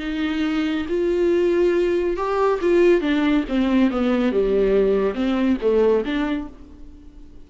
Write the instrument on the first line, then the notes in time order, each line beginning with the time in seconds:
viola
0.00 D#4
0.89 F4
2.17 G4
2.62 F4
3.01 D4
3.49 C4
3.91 B3
4.32 G3
5.15 C4
5.61 A3
6.05 D4